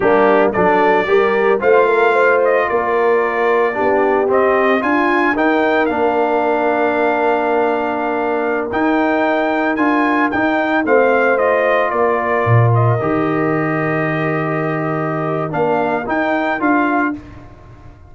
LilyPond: <<
  \new Staff \with { instrumentName = "trumpet" } { \time 4/4 \tempo 4 = 112 g'4 d''2 f''4~ | f''8 dis''8 d''2. | dis''4 gis''4 g''4 f''4~ | f''1~ |
f''16 g''2 gis''4 g''8.~ | g''16 f''4 dis''4 d''4. dis''16~ | dis''1~ | dis''4 f''4 g''4 f''4 | }
  \new Staff \with { instrumentName = "horn" } { \time 4/4 d'4 a'4 ais'4 c''8 ais'8 | c''4 ais'2 g'4~ | g'4 f'4 ais'2~ | ais'1~ |
ais'1~ | ais'16 c''2 ais'4.~ ais'16~ | ais'1~ | ais'1 | }
  \new Staff \with { instrumentName = "trombone" } { \time 4/4 ais4 d'4 g'4 f'4~ | f'2. d'4 | c'4 f'4 dis'4 d'4~ | d'1~ |
d'16 dis'2 f'4 dis'8.~ | dis'16 c'4 f'2~ f'8.~ | f'16 g'2.~ g'8.~ | g'4 d'4 dis'4 f'4 | }
  \new Staff \with { instrumentName = "tuba" } { \time 4/4 g4 fis4 g4 a4~ | a4 ais2 b4 | c'4 d'4 dis'4 ais4~ | ais1~ |
ais16 dis'2 d'4 dis'8.~ | dis'16 a2 ais4 ais,8.~ | ais,16 dis2.~ dis8.~ | dis4 ais4 dis'4 d'4 | }
>>